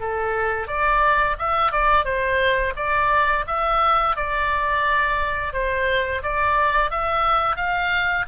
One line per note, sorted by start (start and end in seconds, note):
0.00 0.67 A4
0.67 1.36 D5
1.39 1.71 E5
1.71 2.04 D5
2.04 2.73 C5
2.76 3.45 D5
3.47 4.16 E5
4.16 5.53 D5
5.53 6.22 C5
6.22 6.91 D5
6.91 7.56 E5
7.56 8.25 F5